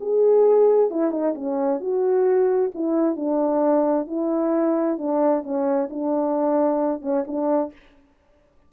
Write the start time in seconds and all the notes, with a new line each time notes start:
0.00 G#4
0.90 E4
1.11 D#4
1.35 C#4
1.80 F#4
2.74 E4
3.16 D4
4.07 E4
4.98 D4
5.43 C#4
5.90 D4
7.01 C#4
7.27 D4